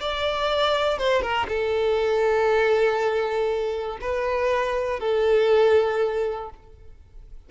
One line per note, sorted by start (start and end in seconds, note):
0.00 0.98 D5
0.98 1.22 C5
1.22 1.47 A#4
1.48 3.98 A4
4.01 5.00 B4
5.00 6.50 A4